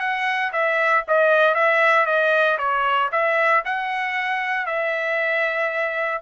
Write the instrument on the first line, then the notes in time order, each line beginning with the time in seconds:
trumpet
0.00 F#5
0.52 E5
1.08 D#5
1.55 E5
2.06 D#5
2.58 C#5
3.12 E5
3.65 F#5
4.66 E5